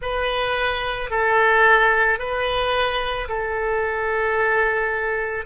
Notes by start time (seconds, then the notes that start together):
0.01 B4
1.10 A4
2.18 B4
3.28 A4